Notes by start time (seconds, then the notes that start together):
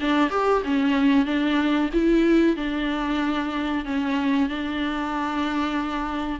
0.00 D4
0.30 G4
0.64 C#4
1.25 D4
1.92 E4
2.56 D4
3.85 C#4
4.49 D4